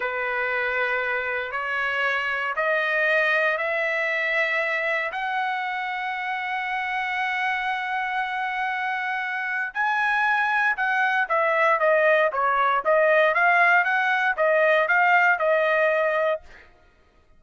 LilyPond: \new Staff \with { instrumentName = "trumpet" } { \time 4/4 \tempo 4 = 117 b'2. cis''4~ | cis''4 dis''2 e''4~ | e''2 fis''2~ | fis''1~ |
fis''2. gis''4~ | gis''4 fis''4 e''4 dis''4 | cis''4 dis''4 f''4 fis''4 | dis''4 f''4 dis''2 | }